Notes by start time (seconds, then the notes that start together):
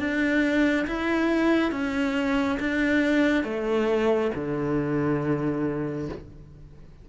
0.00 D4
0.88 E4
1.72 C#4
2.60 D4
3.45 A3
4.36 D3